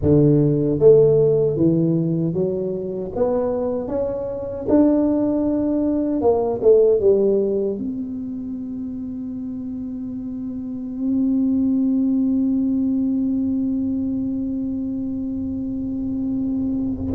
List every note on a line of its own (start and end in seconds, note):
0.01 0.79 D3
0.79 1.56 A3
1.56 2.33 E3
2.33 3.11 F#3
3.15 3.87 B3
3.87 4.65 C#4
4.68 6.21 D4
6.21 6.60 A#3
6.61 7.00 A3
7.00 7.77 G3
7.77 17.13 C4